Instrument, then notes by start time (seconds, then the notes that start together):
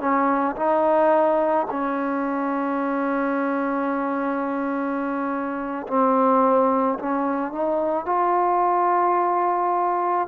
trombone
0.00 C#4
0.56 D#4
1.70 C#4
5.87 C4
6.99 C#4
7.52 D#4
8.06 F4